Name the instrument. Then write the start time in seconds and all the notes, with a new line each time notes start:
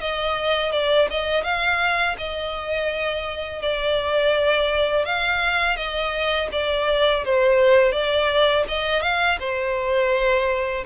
violin
0.00 D#5
0.72 D5
1.10 D#5
1.43 F5
2.18 D#5
3.62 D5
5.05 F5
5.76 D#5
6.52 D5
7.24 C5
7.92 D5
8.67 D#5
9.02 F5
9.39 C5